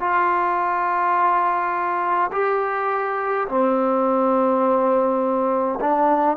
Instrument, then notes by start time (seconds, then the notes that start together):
trombone
0.00 F4
2.32 G4
3.48 C4
5.81 D4